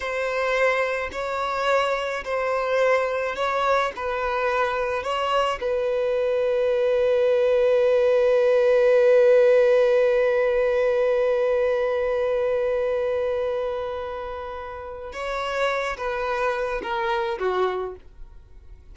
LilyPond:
\new Staff \with { instrumentName = "violin" } { \time 4/4 \tempo 4 = 107 c''2 cis''2 | c''2 cis''4 b'4~ | b'4 cis''4 b'2~ | b'1~ |
b'1~ | b'1~ | b'2. cis''4~ | cis''8 b'4. ais'4 fis'4 | }